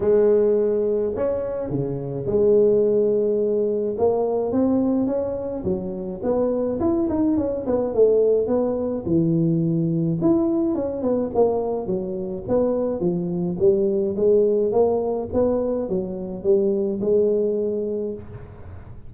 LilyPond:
\new Staff \with { instrumentName = "tuba" } { \time 4/4 \tempo 4 = 106 gis2 cis'4 cis4 | gis2. ais4 | c'4 cis'4 fis4 b4 | e'8 dis'8 cis'8 b8 a4 b4 |
e2 e'4 cis'8 b8 | ais4 fis4 b4 f4 | g4 gis4 ais4 b4 | fis4 g4 gis2 | }